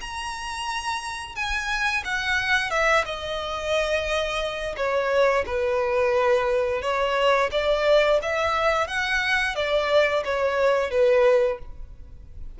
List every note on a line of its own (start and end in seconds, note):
0.00 1.35 A#5
1.35 2.03 G#5
2.04 2.70 F#5
2.70 3.04 E5
3.05 4.75 D#5
4.76 5.44 C#5
5.46 6.82 B4
6.82 7.50 C#5
7.51 8.19 D5
8.22 8.87 E5
8.87 9.55 F#5
9.55 10.23 D5
10.24 10.90 C#5
10.90 11.58 B4